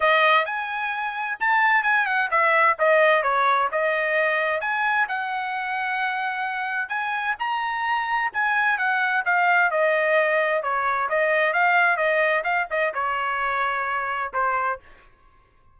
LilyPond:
\new Staff \with { instrumentName = "trumpet" } { \time 4/4 \tempo 4 = 130 dis''4 gis''2 a''4 | gis''8 fis''8 e''4 dis''4 cis''4 | dis''2 gis''4 fis''4~ | fis''2. gis''4 |
ais''2 gis''4 fis''4 | f''4 dis''2 cis''4 | dis''4 f''4 dis''4 f''8 dis''8 | cis''2. c''4 | }